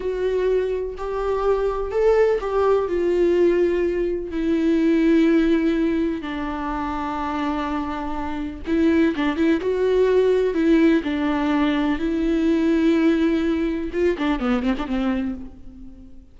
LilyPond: \new Staff \with { instrumentName = "viola" } { \time 4/4 \tempo 4 = 125 fis'2 g'2 | a'4 g'4 f'2~ | f'4 e'2.~ | e'4 d'2.~ |
d'2 e'4 d'8 e'8 | fis'2 e'4 d'4~ | d'4 e'2.~ | e'4 f'8 d'8 b8 c'16 d'16 c'4 | }